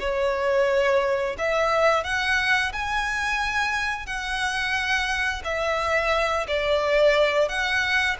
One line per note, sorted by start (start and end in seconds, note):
0.00 1.36 C#5
1.39 2.04 E5
2.04 2.72 F#5
2.73 4.06 G#5
4.06 5.43 F#5
5.45 6.47 E5
6.48 7.49 D5
7.49 8.17 F#5